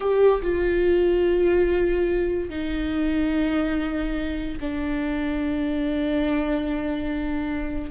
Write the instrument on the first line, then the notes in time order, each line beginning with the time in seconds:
viola
0.00 G4
0.42 F4
2.49 D#4
4.60 D4